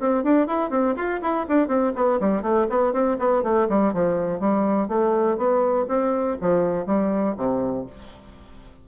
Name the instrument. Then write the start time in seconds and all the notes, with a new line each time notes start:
bassoon
0.00 C4
0.24 D4
0.47 E4
0.71 C4
0.96 F4
1.22 E4
1.49 D4
1.68 C4
1.96 B3
2.21 G3
2.43 A3
2.70 B3
2.93 C4
3.19 B3
3.44 A3
3.69 G3
3.94 F3
4.40 G3
4.89 A3
5.38 B3
5.88 C4
6.41 F3
6.87 G3
7.37 C3